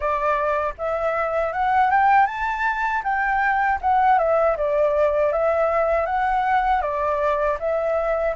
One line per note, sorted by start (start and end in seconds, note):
0.00 0.74 D5
0.78 1.52 E5
1.52 1.90 F#5
1.91 2.26 G5
2.26 3.02 A5
3.03 3.79 G5
3.81 4.18 F#5
4.18 4.56 E5
4.56 5.32 D5
5.32 6.06 E5
6.06 6.81 F#5
6.81 7.57 D5
7.59 8.35 E5